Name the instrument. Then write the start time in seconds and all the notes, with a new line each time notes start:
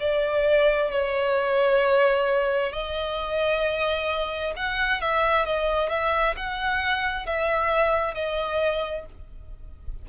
violin
0.00 D5
0.91 C#5
2.72 D#5
4.56 F#5
5.01 E5
5.45 D#5
5.90 E5
6.37 F#5
7.26 E5
8.14 D#5